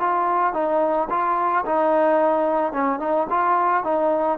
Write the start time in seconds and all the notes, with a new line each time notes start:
0.00 F4
0.53 D#4
1.10 F4
1.66 D#4
2.72 C#4
2.99 D#4
3.30 F4
3.84 D#4